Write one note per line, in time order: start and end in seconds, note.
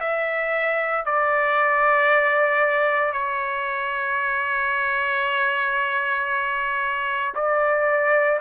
0.00 1.05 E5
1.05 3.12 D5
3.12 7.33 C#5
7.35 8.40 D5